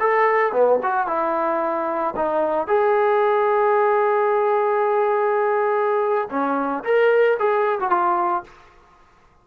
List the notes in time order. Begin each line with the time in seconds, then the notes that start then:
0.00 A4
0.53 B3
0.83 F#4
1.07 E4
2.16 D#4
2.67 G#4
6.30 C#4
6.84 A#4
7.39 G#4
7.80 F#4
7.90 F4